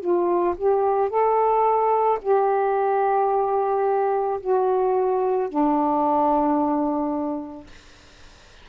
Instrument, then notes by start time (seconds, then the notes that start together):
saxophone
0.00 F4
0.57 G4
1.09 A4
2.22 G4
4.40 F#4
5.48 D4